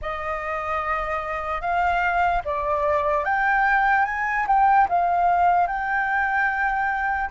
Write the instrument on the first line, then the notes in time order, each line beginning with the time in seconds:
flute
0.01 D#5
1.61 F5
2.44 D5
3.24 G5
4.05 G#5
4.47 G5
4.88 F5
5.67 G5